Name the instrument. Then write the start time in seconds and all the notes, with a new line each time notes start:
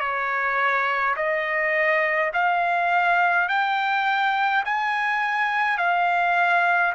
trumpet
0.00 C#5
1.17 D#5
2.34 F5
3.49 G5
4.65 G#5
5.78 F5